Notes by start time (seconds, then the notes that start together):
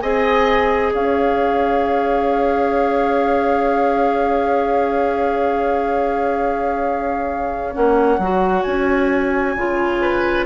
0.00 C4 G#4 D#5 G#5
0.94 C#4 C#5 F5
7.73 A#3 C#4 F#5
8.18 F#3 F#4
8.62 C#4 G#5
9.56 C#3 F4
10.01 B4